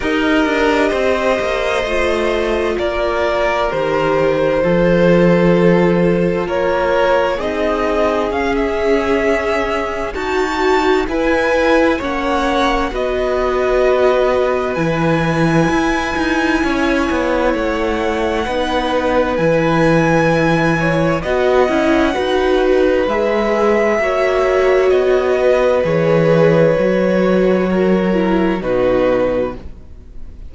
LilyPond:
<<
  \new Staff \with { instrumentName = "violin" } { \time 4/4 \tempo 4 = 65 dis''2. d''4 | c''2. cis''4 | dis''4 f''16 e''4.~ e''16 a''4 | gis''4 fis''4 dis''2 |
gis''2. fis''4~ | fis''4 gis''2 fis''4~ | fis''4 e''2 dis''4 | cis''2. b'4 | }
  \new Staff \with { instrumentName = "violin" } { \time 4/4 ais'4 c''2 ais'4~ | ais'4 a'2 ais'4 | gis'2. fis'4 | b'4 cis''4 b'2~ |
b'2 cis''2 | b'2~ b'8 cis''8 dis''4 | b'2 cis''4. b'8~ | b'2 ais'4 fis'4 | }
  \new Staff \with { instrumentName = "viola" } { \time 4/4 g'2 f'2 | g'4 f'2. | dis'4 cis'2 fis'4 | e'4 cis'4 fis'2 |
e'1 | dis'4 e'2 fis'8 e'8 | fis'4 gis'4 fis'2 | gis'4 fis'4. e'8 dis'4 | }
  \new Staff \with { instrumentName = "cello" } { \time 4/4 dis'8 d'8 c'8 ais8 a4 ais4 | dis4 f2 ais4 | c'4 cis'2 dis'4 | e'4 ais4 b2 |
e4 e'8 dis'8 cis'8 b8 a4 | b4 e2 b8 cis'8 | dis'4 gis4 ais4 b4 | e4 fis2 b,4 | }
>>